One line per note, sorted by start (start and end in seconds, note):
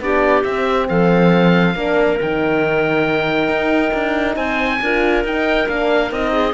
0.00 0.43 B3
0.00 0.45 D4
0.00 0.89 G4
0.00 0.44 D5
0.44 0.89 C4
0.44 1.76 C4
0.44 0.87 E5
0.89 1.75 F3
0.89 1.76 A4
0.89 2.19 F5
1.75 2.19 A#3
1.75 2.19 D4
1.75 4.36 A#4
2.21 3.49 D#3
2.21 4.83 D#4
2.21 4.36 G5
3.49 3.92 D#4
3.94 4.36 D4
4.36 4.80 C4
4.36 4.80 C5
4.36 5.23 G#5
4.82 5.24 D4
4.82 5.25 F4
4.82 6.32 A#4
5.24 5.67 D#4
5.24 5.68 D#4
5.24 5.69 G5
5.68 6.11 A#3
5.68 6.10 D4
5.68 6.12 F5
6.10 6.54 C4
6.10 6.53 D#4
6.10 6.54 D#5
6.32 6.54 G#4